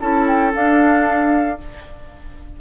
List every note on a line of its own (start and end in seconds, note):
0.00 0.54 C#4
0.00 0.52 E4
0.00 1.59 A4
0.00 0.26 A5
0.27 0.53 G5
0.52 1.57 D4
0.52 1.59 D4
0.52 1.60 F5